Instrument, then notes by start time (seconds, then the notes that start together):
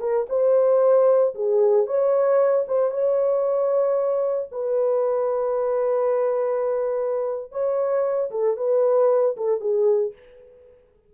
horn
0.00 A#4
0.29 C5
1.35 G#4
1.86 C#5
2.68 C5
2.91 C#5
4.52 B4
7.52 C#5
8.31 A4
8.57 B4
9.37 A4
9.61 G#4